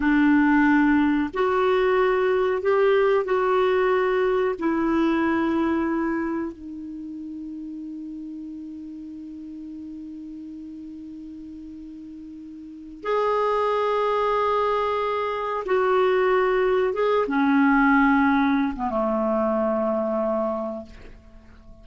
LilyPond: \new Staff \with { instrumentName = "clarinet" } { \time 4/4 \tempo 4 = 92 d'2 fis'2 | g'4 fis'2 e'4~ | e'2 dis'2~ | dis'1~ |
dis'1 | gis'1 | fis'2 gis'8 cis'4.~ | cis'8. b16 a2. | }